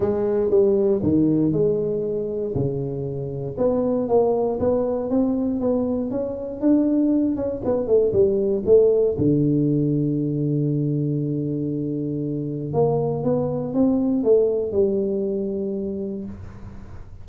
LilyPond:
\new Staff \with { instrumentName = "tuba" } { \time 4/4 \tempo 4 = 118 gis4 g4 dis4 gis4~ | gis4 cis2 b4 | ais4 b4 c'4 b4 | cis'4 d'4. cis'8 b8 a8 |
g4 a4 d2~ | d1~ | d4 ais4 b4 c'4 | a4 g2. | }